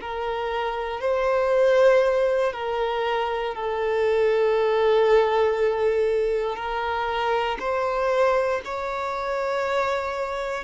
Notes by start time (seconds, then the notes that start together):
0.00 A#4
1.00 C5
2.52 A#4
3.55 A4
6.55 A#4
7.59 C5
8.64 C#5